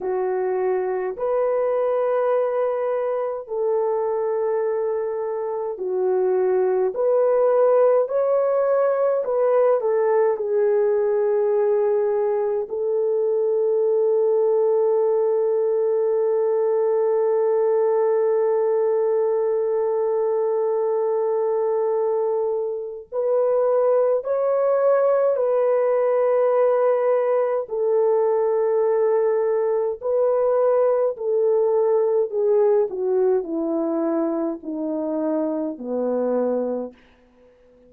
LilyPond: \new Staff \with { instrumentName = "horn" } { \time 4/4 \tempo 4 = 52 fis'4 b'2 a'4~ | a'4 fis'4 b'4 cis''4 | b'8 a'8 gis'2 a'4~ | a'1~ |
a'1 | b'4 cis''4 b'2 | a'2 b'4 a'4 | gis'8 fis'8 e'4 dis'4 b4 | }